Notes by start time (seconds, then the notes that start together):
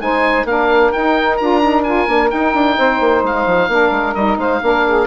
0.00 G#3 D#4 C5 G#5
0.45 A#3 D4 A#4 F5
0.92 D#4 G5
1.37 D4 F4 A#5
1.61 D#4
1.84 F4 G#5
2.07 A#3 D4
2.30 D#4 G5
2.54 D4
2.78 C4 C5
3.00 A#3
3.23 G#3 F5
3.46 F3
3.68 A#3 D4 A#4
3.91 G#3
4.14 G3 D#4 D#5
4.38 G#3 C5 F5
4.62 A#3 D4 A#4
4.86 G#4